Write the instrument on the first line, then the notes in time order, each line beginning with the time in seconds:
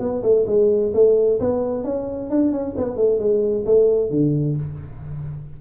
tuba
0.00 B3
0.23 A3
0.47 G#3
0.94 A3
1.40 B3
1.85 C#4
2.30 D4
2.53 C#4
2.78 B3
2.97 A3
3.20 G#3
3.66 A3
4.11 D3